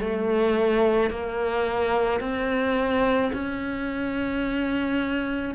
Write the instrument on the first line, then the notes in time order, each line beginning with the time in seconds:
cello
0.00 A3
1.11 A#3
2.21 C4
3.33 C#4